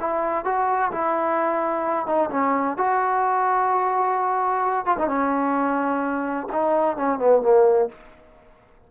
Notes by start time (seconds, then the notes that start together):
0.00 E4
0.45 F#4
0.92 E4
2.07 D#4
2.31 C#4
2.78 F#4
4.86 F4
4.98 D#4
5.08 C#4
6.53 D#4
6.97 C#4
7.19 B3
7.42 A#3